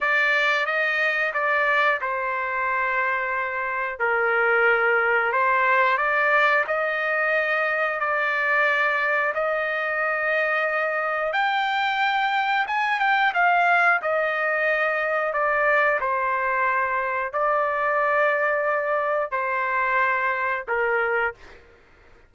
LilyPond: \new Staff \with { instrumentName = "trumpet" } { \time 4/4 \tempo 4 = 90 d''4 dis''4 d''4 c''4~ | c''2 ais'2 | c''4 d''4 dis''2 | d''2 dis''2~ |
dis''4 g''2 gis''8 g''8 | f''4 dis''2 d''4 | c''2 d''2~ | d''4 c''2 ais'4 | }